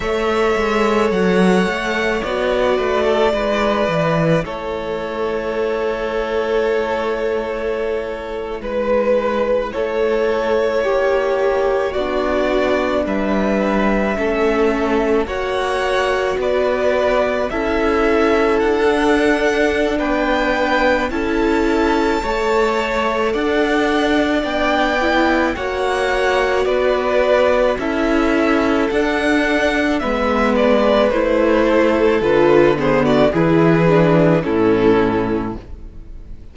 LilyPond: <<
  \new Staff \with { instrumentName = "violin" } { \time 4/4 \tempo 4 = 54 e''4 fis''4 d''2 | cis''2.~ cis''8. b'16~ | b'8. cis''2 d''4 e''16~ | e''4.~ e''16 fis''4 d''4 e''16~ |
e''8. fis''4~ fis''16 g''4 a''4~ | a''4 fis''4 g''4 fis''4 | d''4 e''4 fis''4 e''8 d''8 | c''4 b'8 c''16 d''16 b'4 a'4 | }
  \new Staff \with { instrumentName = "violin" } { \time 4/4 cis''2~ cis''8 b'16 a'16 b'4 | a'2.~ a'8. b'16~ | b'8. a'4 g'4 fis'4 b'16~ | b'8. a'4 cis''4 b'4 a'16~ |
a'2 b'4 a'4 | cis''4 d''2 cis''4 | b'4 a'2 b'4~ | b'8 a'4 gis'16 fis'16 gis'4 e'4 | }
  \new Staff \with { instrumentName = "viola" } { \time 4/4 a'2 fis'4 e'4~ | e'1~ | e'2~ e'8. d'4~ d'16~ | d'8. cis'4 fis'2 e'16~ |
e'4 d'2 e'4 | a'2 d'8 e'8 fis'4~ | fis'4 e'4 d'4 b4 | e'4 f'8 b8 e'8 d'8 cis'4 | }
  \new Staff \with { instrumentName = "cello" } { \time 4/4 a8 gis8 fis8 a8 b8 a8 gis8 e8 | a2.~ a8. gis16~ | gis8. a4 ais4 b4 g16~ | g8. a4 ais4 b4 cis'16~ |
cis'8. d'4~ d'16 b4 cis'4 | a4 d'4 b4 ais4 | b4 cis'4 d'4 gis4 | a4 d4 e4 a,4 | }
>>